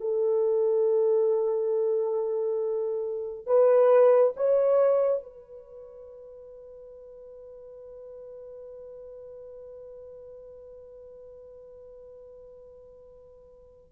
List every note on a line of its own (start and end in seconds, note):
0.00 3.46 A4
3.46 4.33 B4
4.36 5.23 C#5
5.23 13.92 B4